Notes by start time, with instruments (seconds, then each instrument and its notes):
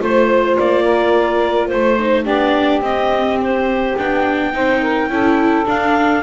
0.00 double bass A3, viola F4, saxophone C5, clarinet C5
0.58 double bass A#3, clarinet D5
0.84 saxophone A#4
1.68 double bass A3, clarinet C5, saxophone C5
2.00 viola D#4
2.23 double bass B3, viola D4, saxophone G4, clarinet D5
2.81 double bass C4, viola C4, clarinet D#5
3.42 clarinet C5
3.98 double bass B3, viola D4, clarinet G5
4.53 double bass C4, viola D#4, saxophone C5
4.82 saxophone A#4
5.09 double bass C#4, viola E4, saxophone A4
5.66 viola D4, double bass D4, clarinet F5